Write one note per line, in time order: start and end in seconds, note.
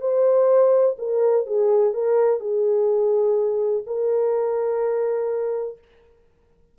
0.00 0.96 C5
0.98 1.46 A#4
1.46 1.93 G#4
1.93 2.40 A#4
2.40 3.84 G#4
3.86 5.78 A#4